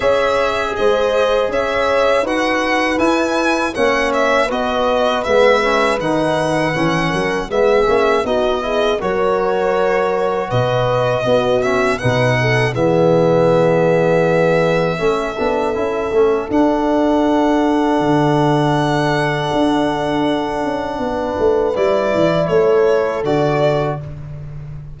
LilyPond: <<
  \new Staff \with { instrumentName = "violin" } { \time 4/4 \tempo 4 = 80 e''4 dis''4 e''4 fis''4 | gis''4 fis''8 e''8 dis''4 e''4 | fis''2 e''4 dis''4 | cis''2 dis''4. e''8 |
fis''4 e''2.~ | e''2 fis''2~ | fis''1~ | fis''4 d''4 cis''4 d''4 | }
  \new Staff \with { instrumentName = "horn" } { \time 4/4 cis''4 c''4 cis''4 b'4~ | b'4 cis''4 b'2~ | b'4. ais'8 gis'4 fis'8 gis'8 | ais'2 b'4 fis'4 |
b'8 a'8 gis'2. | a'1~ | a'1 | b'2 a'2 | }
  \new Staff \with { instrumentName = "trombone" } { \time 4/4 gis'2. fis'4 | e'4 cis'4 fis'4 b8 cis'8 | dis'4 cis'4 b8 cis'8 dis'8 e'8 | fis'2. b8 cis'8 |
dis'4 b2. | cis'8 d'8 e'8 cis'8 d'2~ | d'1~ | d'4 e'2 fis'4 | }
  \new Staff \with { instrumentName = "tuba" } { \time 4/4 cis'4 gis4 cis'4 dis'4 | e'4 ais4 b4 gis4 | dis4 e8 fis8 gis8 ais8 b4 | fis2 b,4 b4 |
b,4 e2. | a8 b8 cis'8 a8 d'2 | d2 d'4. cis'8 | b8 a8 g8 e8 a4 d4 | }
>>